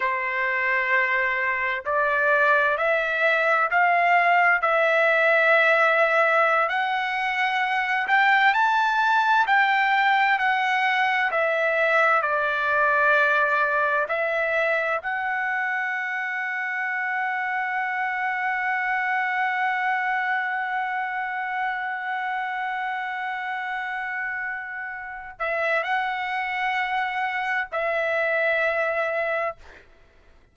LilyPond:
\new Staff \with { instrumentName = "trumpet" } { \time 4/4 \tempo 4 = 65 c''2 d''4 e''4 | f''4 e''2~ e''16 fis''8.~ | fis''8. g''8 a''4 g''4 fis''8.~ | fis''16 e''4 d''2 e''8.~ |
e''16 fis''2.~ fis''8.~ | fis''1~ | fis''2.~ fis''8 e''8 | fis''2 e''2 | }